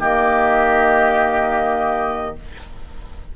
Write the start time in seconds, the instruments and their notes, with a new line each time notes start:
0.00 bassoon D#3, clarinet A#3, oboe G4, flute D#5